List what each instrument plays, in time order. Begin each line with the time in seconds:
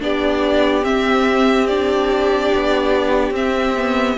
0.00 cello B3, viola D4, violin G4 D5
0.82 viola C4, cello C4, violin E5
1.66 viola D4, violin D5
2.54 cello B3
3.31 cello C4, viola C4, violin E5
3.77 viola B3